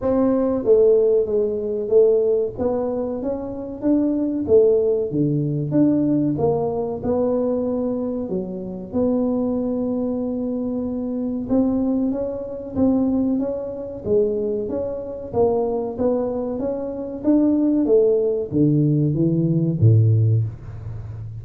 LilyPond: \new Staff \with { instrumentName = "tuba" } { \time 4/4 \tempo 4 = 94 c'4 a4 gis4 a4 | b4 cis'4 d'4 a4 | d4 d'4 ais4 b4~ | b4 fis4 b2~ |
b2 c'4 cis'4 | c'4 cis'4 gis4 cis'4 | ais4 b4 cis'4 d'4 | a4 d4 e4 a,4 | }